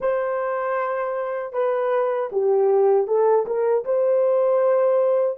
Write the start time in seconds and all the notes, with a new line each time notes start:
0.00 C5
1.52 B4
2.31 G4
3.07 A4
3.45 A#4
3.85 C5